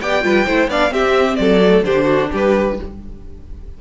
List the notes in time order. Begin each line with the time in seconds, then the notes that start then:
0.00 B3 G4 D5 G5
0.22 G3 F4 B4
0.46 A3 E4 C5
0.67 B3 D4 D5 F5
0.90 C4 G4 E5
1.36 F#3 A4 D5
1.63 A3
1.82 D3 D4 G4 C5
2.04 F#4
2.31 G3 G4 B4